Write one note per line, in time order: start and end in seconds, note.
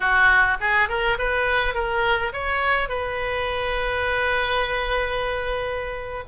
0.00 0.57 F#4
0.60 0.88 G#4
0.88 1.17 A#4
1.18 1.74 B4
1.74 2.32 A#4
2.32 2.89 C#5
2.89 6.24 B4